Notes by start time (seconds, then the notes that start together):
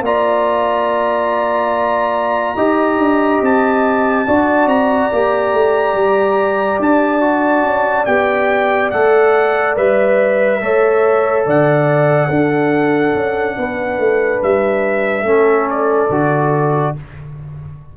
0.00 A#3 F4 D5 A#5
2.56 D#4 G4 D#5
2.98 D4
3.41 C4 A5
4.27 D4 F#4 D5
4.66 C4 A#5
5.12 A#3 G4
5.53 A3
5.93 G3
6.79 D4 A5
7.20 F#4
7.64 C#4
8.05 B3 G4 G5
8.90 A3 A4 F#5
9.76 G3 B4 E5
10.61 A3 A4 C#5
11.46 D3 D5 F#5
12.28 D4 A4
13.14 C#4
13.57 B3 B4
13.98 A3
14.42 G3 E5
15.22 A3 C#4 A4
15.70 D5
16.09 D3 F#4